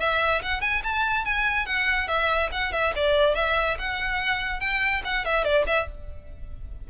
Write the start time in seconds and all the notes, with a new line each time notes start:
0.00 E5
0.43 F#5
0.61 G#5
0.84 A5
1.25 G#5
1.66 F#5
2.08 E5
2.52 F#5
2.73 E5
2.96 D5
3.35 E5
3.79 F#5
4.60 G5
5.05 F#5
5.25 E5
5.44 D5
5.67 E5